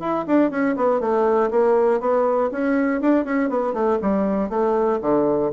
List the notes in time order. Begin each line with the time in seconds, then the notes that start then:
0.00 E4
0.27 D4
0.50 C#4
0.76 B3
1.00 A3
1.51 A#3
2.00 B3
2.52 C#4
3.01 D4
3.25 C#4
3.50 B3
3.73 A3
4.02 G3
4.50 A3
5.02 D3